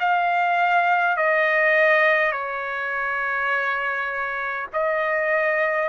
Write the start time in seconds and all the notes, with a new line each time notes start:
0.00 F5
1.17 D#5
2.33 C#5
4.74 D#5